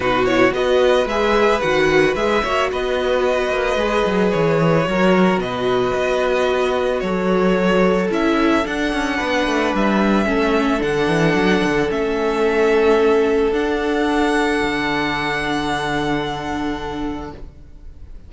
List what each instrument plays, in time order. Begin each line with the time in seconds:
0.00 cello B2, viola D#4, violin F#4 B4
0.25 viola E4, violin C#5
0.51 cello B3, viola F#4, violin B4 D#5
1.05 cello G#3, viola G#4, violin E5
1.60 cello D#3, viola F#4, violin F#5
2.15 cello G#3, viola G#4, violin E5
2.43 cello A#3, viola F#4, violin C#5
2.71 cello B3, violin B4 D#5
3.49 cello A#3
3.75 cello G#3, viola G#4
4.05 cello F#3
4.31 cello E3, violin C#5
4.84 cello F#3, viola F#4, violin A#4
5.37 cello B2, violin B4 D#5
5.95 cello B3
7.00 cello F#3, violin A4 C#5
8.10 cello C#4, viola E4, violin E5
8.63 viola D4, cello D4, violin F#5
8.93 cello C#4
9.17 cello B3, violin B4
9.46 cello A3
9.74 cello G3, violin E5
10.25 cello A3, viola C#4, violin A4
10.78 cello D3, viola D4, violin F#5
11.07 cello E3
11.34 cello F#3
11.63 cello D3
11.89 cello A3, viola C#4, violin E5
13.51 cello D4, viola D4, violin F#5
14.62 cello D3